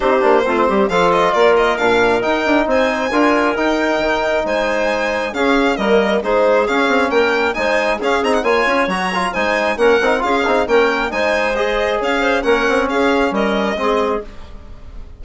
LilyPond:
<<
  \new Staff \with { instrumentName = "violin" } { \time 4/4 \tempo 4 = 135 c''2 f''8 dis''8 d''8 dis''8 | f''4 g''4 gis''2 | g''2 gis''2 | f''4 dis''4 c''4 f''4 |
g''4 gis''4 f''8 ais''16 fis''16 gis''4 | ais''4 gis''4 fis''4 f''4 | g''4 gis''4 dis''4 f''4 | fis''4 f''4 dis''2 | }
  \new Staff \with { instrumentName = "clarinet" } { \time 4/4 g'4 f'8 g'8 a'4 ais'4~ | ais'2 c''4 ais'4~ | ais'2 c''2 | gis'4 ais'4 gis'2 |
ais'4 c''4 gis'4 cis''4~ | cis''4 c''4 ais'4 gis'4 | ais'4 c''2 cis''8 c''8 | ais'4 gis'4 ais'4 gis'4 | }
  \new Staff \with { instrumentName = "trombone" } { \time 4/4 dis'8 d'8 c'4 f'2 | d'4 dis'2 f'4 | dis'1 | cis'4 ais4 dis'4 cis'4~ |
cis'4 dis'4 cis'8 dis'8 f'4 | fis'8 f'8 dis'4 cis'8 dis'8 f'8 dis'8 | cis'4 dis'4 gis'2 | cis'2. c'4 | }
  \new Staff \with { instrumentName = "bassoon" } { \time 4/4 c'8 ais8 a8 g8 f4 ais4 | ais,4 dis'8 d'8 c'4 d'4 | dis'4 dis4 gis2 | cis'4 g4 gis4 cis'8 c'8 |
ais4 gis4 cis'8 c'8 ais8 cis'8 | fis4 gis4 ais8 c'8 cis'8 c'8 | ais4 gis2 cis'4 | ais8 c'8 cis'4 g4 gis4 | }
>>